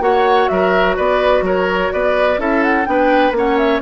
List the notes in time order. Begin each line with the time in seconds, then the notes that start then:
0.00 A#3 F#4 C#5 F#5
0.48 F#3 A#4 E5
0.96 B3 B4 D5
1.42 F#3 A#4 C#5
1.92 B3 B4 D5
2.38 C#4 E4 A4 E5
2.63 F#5
2.85 B3 D4 B4 G5
3.32 A#3 C#4 C#5 F#5
3.58 E5